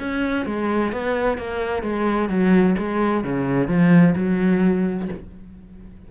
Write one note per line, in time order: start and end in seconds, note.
0.00 0.46 C#4
0.46 0.93 G#3
0.93 1.38 B3
1.38 1.83 A#3
1.83 2.29 G#3
2.30 2.76 F#3
2.79 3.24 G#3
3.24 3.68 C#3
3.68 4.15 F3
4.16 5.09 F#3